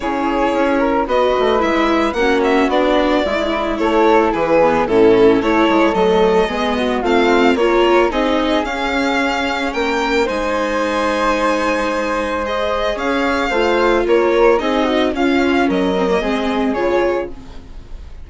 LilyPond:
<<
  \new Staff \with { instrumentName = "violin" } { \time 4/4 \tempo 4 = 111 cis''2 dis''4 e''4 | fis''8 e''8 d''2 cis''4 | b'4 a'4 cis''4 dis''4~ | dis''4 f''4 cis''4 dis''4 |
f''2 g''4 gis''4~ | gis''2. dis''4 | f''2 cis''4 dis''4 | f''4 dis''2 cis''4 | }
  \new Staff \with { instrumentName = "flute" } { \time 4/4 gis'4. ais'8 b'2 | fis'2 e'4 a'4 | gis'4 e'4 a'2 | gis'8 fis'8 f'4 ais'4 gis'4~ |
gis'2 ais'4 c''4~ | c''1 | cis''4 c''4 ais'4 gis'8 fis'8 | f'4 ais'4 gis'2 | }
  \new Staff \with { instrumentName = "viola" } { \time 4/4 e'2 fis'4 e'4 | cis'4 d'4 e'2~ | e'8 b8 cis'4 e'4 a4 | b4 c'4 f'4 dis'4 |
cis'2. dis'4~ | dis'2. gis'4~ | gis'4 f'2 dis'4 | cis'4. c'16 ais16 c'4 f'4 | }
  \new Staff \with { instrumentName = "bassoon" } { \time 4/4 cis4 cis'4 b8 a8 gis4 | ais4 b4 gis4 a4 | e4 a,4 a8 gis8 fis4 | gis4 a4 ais4 c'4 |
cis'2 ais4 gis4~ | gis1 | cis'4 a4 ais4 c'4 | cis'4 fis4 gis4 cis4 | }
>>